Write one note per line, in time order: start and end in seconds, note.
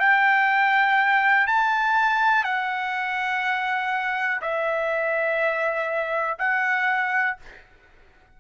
0.00 1.47 G5
1.47 2.44 A5
2.44 4.41 F#5
4.42 6.38 E5
6.39 7.37 F#5